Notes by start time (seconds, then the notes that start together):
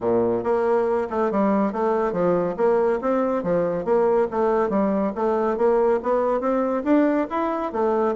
0.00 A#2
0.43 A#3
1.10 A3
1.31 G3
1.72 A3
2.12 F3
2.56 A#3
3.01 C4
3.43 F3
3.84 A#3
4.31 A3
4.69 G3
5.15 A3
5.57 A#3
6.02 B3
6.40 C4
6.84 D4
7.30 E4
7.72 A3